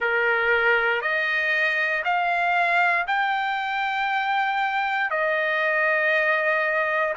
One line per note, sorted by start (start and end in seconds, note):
0.00 1.01 A#4
1.01 2.03 D#5
2.04 3.06 F5
3.07 5.10 G5
5.10 7.14 D#5